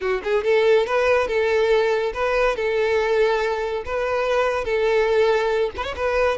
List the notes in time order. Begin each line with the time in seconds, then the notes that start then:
0.00 F#4
0.23 G#4
0.44 A4
0.86 B4
1.27 A4
2.13 B4
2.56 A4
3.85 B4
4.64 A4
5.76 B4
5.84 C#5
5.96 B4